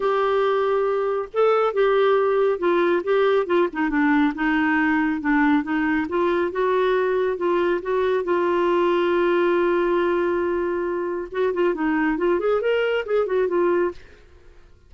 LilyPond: \new Staff \with { instrumentName = "clarinet" } { \time 4/4 \tempo 4 = 138 g'2. a'4 | g'2 f'4 g'4 | f'8 dis'8 d'4 dis'2 | d'4 dis'4 f'4 fis'4~ |
fis'4 f'4 fis'4 f'4~ | f'1~ | f'2 fis'8 f'8 dis'4 | f'8 gis'8 ais'4 gis'8 fis'8 f'4 | }